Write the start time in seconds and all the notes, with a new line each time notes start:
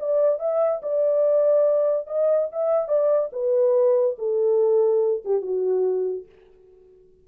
0.00 D5
0.39 E5
0.83 D5
2.07 D#5
2.52 E5
2.88 D5
3.33 B4
4.19 A4
5.25 G4
5.42 F#4